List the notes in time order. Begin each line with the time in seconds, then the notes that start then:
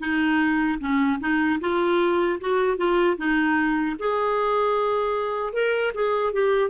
0.00 D#4
0.81 C#4
1.21 D#4
1.61 F4
2.41 F#4
2.78 F4
3.18 D#4
3.99 G#4
5.54 A#4
5.95 G#4
6.34 G4